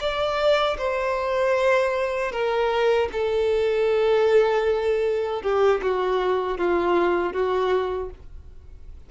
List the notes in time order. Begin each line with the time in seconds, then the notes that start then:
0.00 D5
0.78 C5
2.31 A#4
3.12 A4
5.42 G4
5.82 F#4
6.58 F4
7.33 F#4